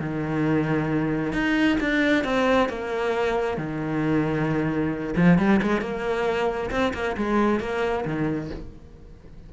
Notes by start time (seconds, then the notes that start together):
0.00 D#3
1.33 D#4
1.80 D4
2.24 C4
2.69 A#3
3.57 D#3
5.16 F3
5.39 G3
5.62 G#3
5.81 A#3
6.71 C4
6.94 A#3
7.17 G#3
7.60 A#3
8.06 D#3